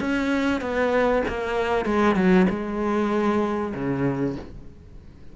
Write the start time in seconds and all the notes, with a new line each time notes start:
0.00 C#4
0.60 B3
1.27 A#3
1.85 G#3
2.15 F#3
2.49 G#3
3.74 C#3